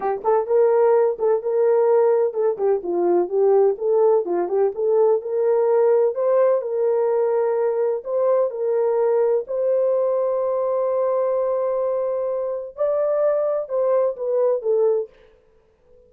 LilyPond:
\new Staff \with { instrumentName = "horn" } { \time 4/4 \tempo 4 = 127 g'8 a'8 ais'4. a'8 ais'4~ | ais'4 a'8 g'8 f'4 g'4 | a'4 f'8 g'8 a'4 ais'4~ | ais'4 c''4 ais'2~ |
ais'4 c''4 ais'2 | c''1~ | c''2. d''4~ | d''4 c''4 b'4 a'4 | }